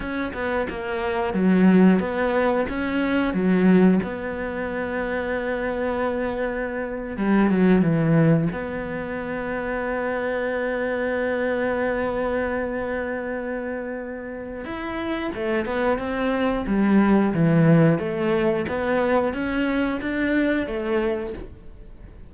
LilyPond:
\new Staff \with { instrumentName = "cello" } { \time 4/4 \tempo 4 = 90 cis'8 b8 ais4 fis4 b4 | cis'4 fis4 b2~ | b2~ b8. g8 fis8 e16~ | e8. b2.~ b16~ |
b1~ | b2 e'4 a8 b8 | c'4 g4 e4 a4 | b4 cis'4 d'4 a4 | }